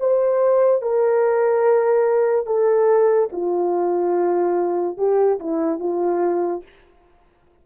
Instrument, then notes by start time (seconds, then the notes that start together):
horn
0.00 C5
0.82 A#4
2.46 A4
3.33 F4
4.98 G4
5.40 E4
5.80 F4